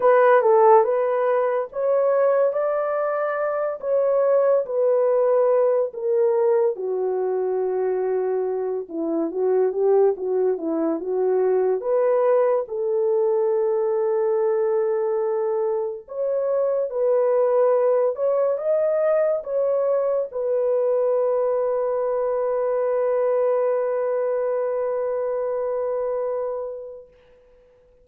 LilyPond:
\new Staff \with { instrumentName = "horn" } { \time 4/4 \tempo 4 = 71 b'8 a'8 b'4 cis''4 d''4~ | d''8 cis''4 b'4. ais'4 | fis'2~ fis'8 e'8 fis'8 g'8 | fis'8 e'8 fis'4 b'4 a'4~ |
a'2. cis''4 | b'4. cis''8 dis''4 cis''4 | b'1~ | b'1 | }